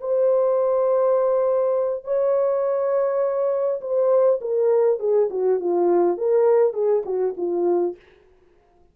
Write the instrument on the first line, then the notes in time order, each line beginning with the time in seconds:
horn
0.00 C5
2.04 C#5
3.81 C5
4.41 A#4
4.99 G#4
5.30 F#4
5.60 F4
6.17 A#4
6.74 G#4
7.05 F#4
7.37 F4